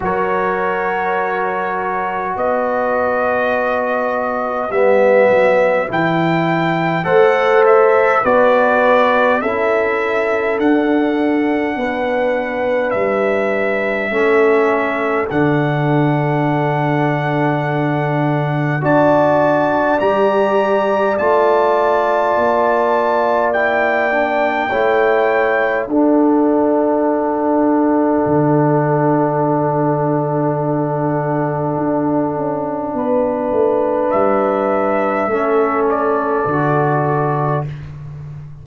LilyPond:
<<
  \new Staff \with { instrumentName = "trumpet" } { \time 4/4 \tempo 4 = 51 cis''2 dis''2 | e''4 g''4 fis''8 e''8 d''4 | e''4 fis''2 e''4~ | e''4 fis''2. |
a''4 ais''4 a''2 | g''2 fis''2~ | fis''1~ | fis''4 e''4. d''4. | }
  \new Staff \with { instrumentName = "horn" } { \time 4/4 ais'2 b'2~ | b'2 c''4 b'4 | a'2 b'2 | a'1 |
d''1~ | d''4 cis''4 a'2~ | a'1 | b'2 a'2 | }
  \new Staff \with { instrumentName = "trombone" } { \time 4/4 fis'1 | b4 e'4 a'4 fis'4 | e'4 d'2. | cis'4 d'2. |
fis'4 g'4 f'2 | e'8 d'8 e'4 d'2~ | d'1~ | d'2 cis'4 fis'4 | }
  \new Staff \with { instrumentName = "tuba" } { \time 4/4 fis2 b2 | g8 fis8 e4 a4 b4 | cis'4 d'4 b4 g4 | a4 d2. |
d'4 g4 a4 ais4~ | ais4 a4 d'2 | d2. d'8 cis'8 | b8 a8 g4 a4 d4 | }
>>